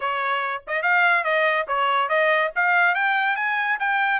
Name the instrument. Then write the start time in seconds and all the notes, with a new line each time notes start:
trumpet
0.00 C#5
0.67 D#5
0.82 F5
1.24 D#5
1.67 C#5
2.09 D#5
2.55 F5
2.94 G5
3.36 G#5
3.79 G5